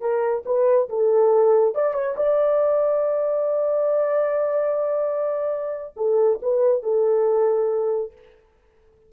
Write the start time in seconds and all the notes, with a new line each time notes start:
0.00 A#4
0.45 B4
0.89 A4
1.74 D5
1.93 C#5
2.16 D5
5.96 A4
6.42 B4
6.83 A4